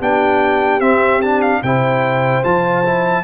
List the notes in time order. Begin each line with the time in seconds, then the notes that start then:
0.00 B3 D4 G4 G5
0.80 C4 E5
1.22 D4 A5
1.42 F5
1.63 C3 E4 C5 G5
2.44 F3 F4 A5
2.85 E4